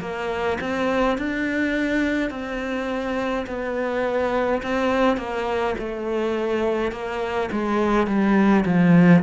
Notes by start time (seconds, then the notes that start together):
0.00 A#3
0.60 C4
1.17 D4
2.30 C4
3.46 B3
4.62 C4
5.17 A#3
5.78 A3
6.91 A#3
7.52 G#3
8.07 G3
8.65 F3